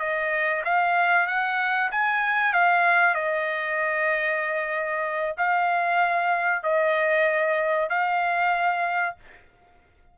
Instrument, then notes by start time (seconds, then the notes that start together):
trumpet
0.00 D#5
0.65 F5
1.27 F#5
1.92 G#5
2.53 F5
3.15 D#5
5.38 F5
6.63 D#5
7.90 F5